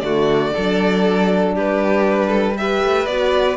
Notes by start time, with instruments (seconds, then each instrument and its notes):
0.00 cello D3, horn A3, violin F#4 D5
0.53 cello F#3, horn D4, violin A4
1.55 cello G3, violin G4 B4
2.28 violin A4
2.57 horn G4, violin B4 E5
2.83 cello A3
3.06 cello B3, horn F#4, violin D5